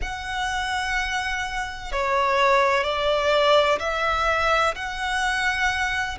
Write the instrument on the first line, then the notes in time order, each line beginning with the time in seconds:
violin
0.01 F#5
1.91 C#5
2.83 D5
3.79 E5
4.75 F#5